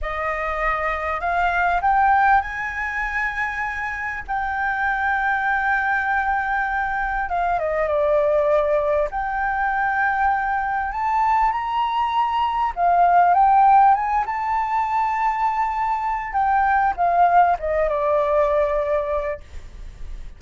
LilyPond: \new Staff \with { instrumentName = "flute" } { \time 4/4 \tempo 4 = 99 dis''2 f''4 g''4 | gis''2. g''4~ | g''1 | f''8 dis''8 d''2 g''4~ |
g''2 a''4 ais''4~ | ais''4 f''4 g''4 gis''8 a''8~ | a''2. g''4 | f''4 dis''8 d''2~ d''8 | }